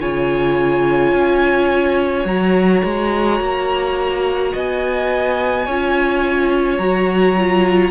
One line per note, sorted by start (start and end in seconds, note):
0.00 1.13 C#3
0.00 2.26 F4
0.00 4.52 C#5
0.00 2.27 G#5
1.13 2.25 C#4
2.25 2.81 F#3
2.25 5.66 F#4
2.25 4.53 A#5
2.84 3.40 G#3
3.40 4.53 A#3
4.52 5.67 B3
4.52 5.65 D#5
4.52 6.78 G#5
5.65 6.78 C#4
5.65 6.79 F4
5.65 7.91 C#5
6.78 7.91 F#3
6.78 7.36 F#4
6.78 7.91 A#5
7.37 7.91 F4